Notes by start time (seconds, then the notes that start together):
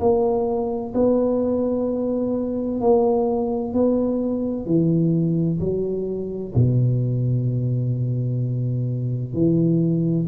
0.00 A#3
0.95 B3
2.81 A#3
3.73 B3
4.66 E3
5.60 F#3
6.55 B2
9.34 E3